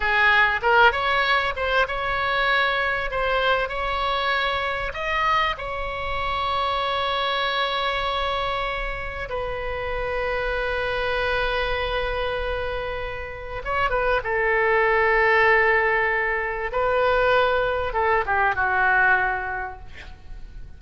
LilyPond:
\new Staff \with { instrumentName = "oboe" } { \time 4/4 \tempo 4 = 97 gis'4 ais'8 cis''4 c''8 cis''4~ | cis''4 c''4 cis''2 | dis''4 cis''2.~ | cis''2. b'4~ |
b'1~ | b'2 cis''8 b'8 a'4~ | a'2. b'4~ | b'4 a'8 g'8 fis'2 | }